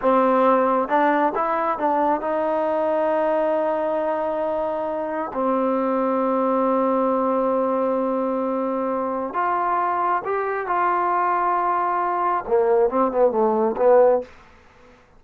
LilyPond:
\new Staff \with { instrumentName = "trombone" } { \time 4/4 \tempo 4 = 135 c'2 d'4 e'4 | d'4 dis'2.~ | dis'1 | c'1~ |
c'1~ | c'4 f'2 g'4 | f'1 | ais4 c'8 b8 a4 b4 | }